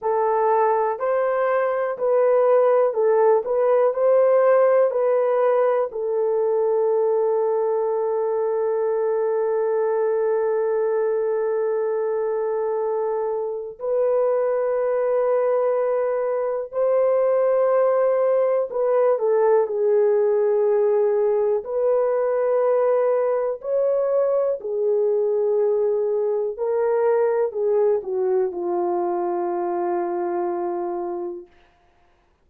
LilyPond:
\new Staff \with { instrumentName = "horn" } { \time 4/4 \tempo 4 = 61 a'4 c''4 b'4 a'8 b'8 | c''4 b'4 a'2~ | a'1~ | a'2 b'2~ |
b'4 c''2 b'8 a'8 | gis'2 b'2 | cis''4 gis'2 ais'4 | gis'8 fis'8 f'2. | }